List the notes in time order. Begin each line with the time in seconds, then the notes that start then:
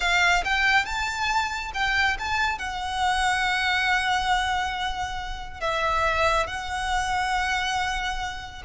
0.00 F5
0.44 G5
0.85 A5
1.74 G5
2.18 A5
2.58 F#5
5.60 E5
6.46 F#5